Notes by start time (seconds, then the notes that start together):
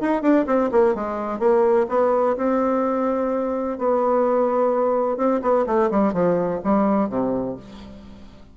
0.00 D#4
0.22 D4
0.46 C4
0.71 A#3
0.95 G#3
1.39 A#3
1.89 B3
2.36 C4
3.78 B3
5.17 C4
5.42 B3
5.66 A3
5.90 G3
6.13 F3
6.64 G3
7.09 C3